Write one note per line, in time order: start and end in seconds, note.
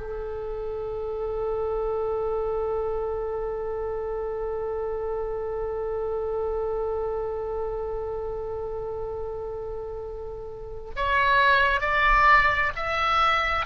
0.00 10.91 A4
10.96 11.81 C#5
11.81 12.72 D5
12.76 13.66 E5